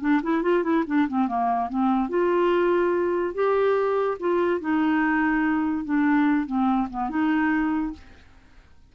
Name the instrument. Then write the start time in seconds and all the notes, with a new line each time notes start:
clarinet
0.00 D4
0.23 E4
0.42 F4
0.63 E4
0.86 D4
1.08 C4
1.27 A#3
1.69 C4
2.09 F4
3.34 G4
4.20 F4
4.60 D#4
5.84 D4
6.46 C4
6.90 B3
7.09 D#4